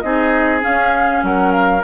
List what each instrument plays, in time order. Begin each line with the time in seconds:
0.00 bassoon C4, clarinet D#4, oboe G#4, flute D#5
0.61 clarinet C#4, bassoon C#4, flute F5
1.23 bassoon F#3, oboe A#4, flute F#5
1.53 flute F5